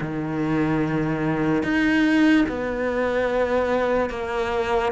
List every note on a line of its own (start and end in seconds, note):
0.00 1.63 D#3
1.63 2.45 D#4
2.48 4.10 B3
4.10 4.92 A#3